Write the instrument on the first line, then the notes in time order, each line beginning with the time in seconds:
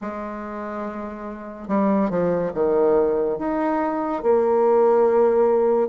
bassoon
0.01 G#3
1.67 G3
2.09 F3
2.54 D#3
3.38 D#4
4.23 A#3